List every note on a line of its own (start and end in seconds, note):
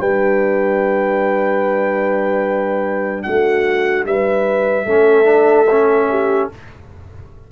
0.00 3.25 G3
0.00 4.87 D4
0.00 3.24 B4
0.00 3.23 G5
3.23 4.05 A3
3.23 4.07 F#4
3.23 4.04 F#5
4.05 4.86 G3
4.05 4.86 B4
4.05 6.50 E5
4.86 6.48 A3
4.86 5.25 C#4
4.86 6.07 A4
5.25 5.65 D4
5.71 6.52 C#4
6.10 6.50 G4